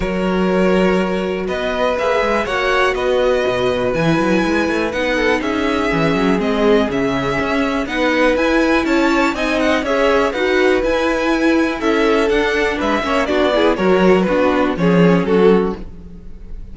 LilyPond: <<
  \new Staff \with { instrumentName = "violin" } { \time 4/4 \tempo 4 = 122 cis''2. dis''4 | e''4 fis''4 dis''2 | gis''2 fis''4 e''4~ | e''4 dis''4 e''2 |
fis''4 gis''4 a''4 gis''8 fis''8 | e''4 fis''4 gis''2 | e''4 fis''4 e''4 d''4 | cis''4 b'4 cis''4 a'4 | }
  \new Staff \with { instrumentName = "violin" } { \time 4/4 ais'2. b'4~ | b'4 cis''4 b'2~ | b'2~ b'8 a'8 gis'4~ | gis'1 |
b'2 cis''4 dis''4 | cis''4 b'2. | a'2 b'8 cis''8 fis'8 gis'8 | ais'4 fis'4 gis'4 fis'4 | }
  \new Staff \with { instrumentName = "viola" } { \time 4/4 fis'1 | gis'4 fis'2. | e'2 dis'2 | cis'4 c'4 cis'2 |
dis'4 e'2 dis'4 | gis'4 fis'4 e'2~ | e'4 d'4. cis'8 d'8 e'8 | fis'4 d'4 cis'2 | }
  \new Staff \with { instrumentName = "cello" } { \time 4/4 fis2. b4 | ais8 gis8 ais4 b4 b,4 | e8 fis8 gis8 a8 b4 cis'4 | e8 fis8 gis4 cis4 cis'4 |
b4 e'4 cis'4 c'4 | cis'4 dis'4 e'2 | cis'4 d'4 gis8 ais8 b4 | fis4 b4 f4 fis4 | }
>>